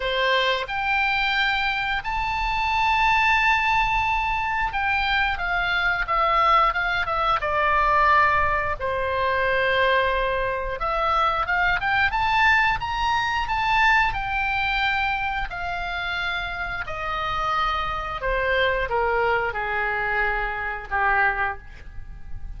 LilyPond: \new Staff \with { instrumentName = "oboe" } { \time 4/4 \tempo 4 = 89 c''4 g''2 a''4~ | a''2. g''4 | f''4 e''4 f''8 e''8 d''4~ | d''4 c''2. |
e''4 f''8 g''8 a''4 ais''4 | a''4 g''2 f''4~ | f''4 dis''2 c''4 | ais'4 gis'2 g'4 | }